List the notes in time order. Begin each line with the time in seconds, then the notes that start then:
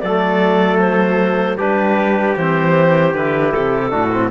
0.00 F#3 A3 A4 D5
0.79 C5
1.57 G3 D4 G4 B4
2.36 E3 C4 C5
3.14 D3 E4 B4
3.52 C3 A4
3.89 A2 D4 F#4
4.12 C4